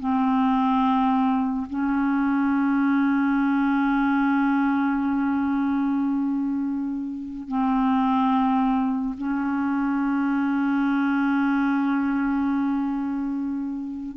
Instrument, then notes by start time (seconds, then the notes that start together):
clarinet
0.00 C4
1.70 C#4
7.48 C4
9.18 C#4